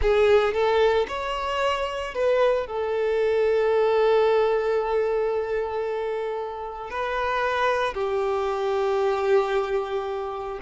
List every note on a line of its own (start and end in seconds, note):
0.01 0.53 G#4
0.53 1.06 A4
1.08 2.14 C#5
2.14 2.66 B4
2.66 6.90 A4
6.90 7.94 B4
7.94 10.59 G4